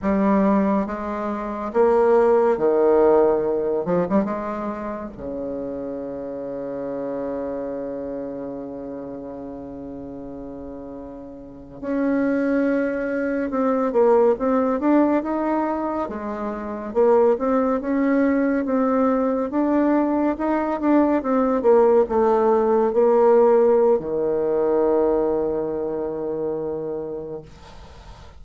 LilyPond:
\new Staff \with { instrumentName = "bassoon" } { \time 4/4 \tempo 4 = 70 g4 gis4 ais4 dis4~ | dis8 f16 g16 gis4 cis2~ | cis1~ | cis4.~ cis16 cis'2 c'16~ |
c'16 ais8 c'8 d'8 dis'4 gis4 ais16~ | ais16 c'8 cis'4 c'4 d'4 dis'16~ | dis'16 d'8 c'8 ais8 a4 ais4~ ais16 | dis1 | }